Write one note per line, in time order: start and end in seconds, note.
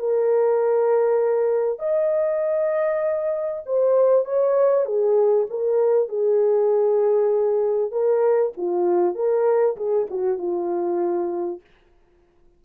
0.00 1.79 A#4
1.79 3.63 D#5
3.66 4.26 C5
4.26 4.86 C#5
4.86 5.47 G#4
5.50 6.09 A#4
6.09 7.92 G#4
7.92 8.53 A#4
8.58 9.15 F4
9.15 9.77 A#4
9.77 10.08 G#4
10.10 10.39 F#4
10.39 11.61 F4